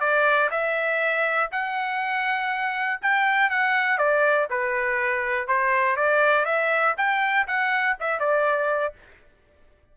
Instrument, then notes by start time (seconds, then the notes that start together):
trumpet
0.00 D5
0.51 E5
1.51 F#5
3.02 G5
3.50 F#5
3.98 D5
4.50 B4
5.47 C5
5.96 D5
6.45 E5
6.97 G5
7.47 F#5
8.00 E5
8.20 D5